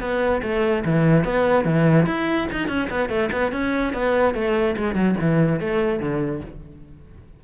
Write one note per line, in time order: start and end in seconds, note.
0.00 0.41 B3
0.43 0.84 A3
0.85 1.24 E3
1.24 1.65 B3
1.65 2.06 E3
2.06 2.48 E4
2.52 2.68 D#4
2.68 2.89 C#4
2.90 3.09 B3
3.09 3.30 A3
3.32 3.52 B3
3.52 3.93 C#4
3.93 4.34 B3
4.34 4.76 A3
4.77 4.95 G#3
4.95 5.15 F#3
5.21 5.60 E3
5.60 5.99 A3
5.99 6.41 D3